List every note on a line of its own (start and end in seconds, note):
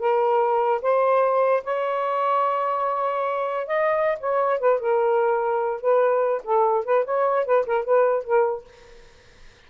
0.00 0.82 A#4
0.82 1.64 C5
1.64 3.68 C#5
3.68 4.19 D#5
4.20 4.60 C#5
4.60 4.80 B4
4.80 5.81 A#4
5.81 6.43 B4
6.44 6.85 A4
6.85 7.05 B4
7.05 7.46 C#5
7.46 7.66 B4
7.66 7.85 A#4
7.85 8.24 B4
8.24 8.65 A#4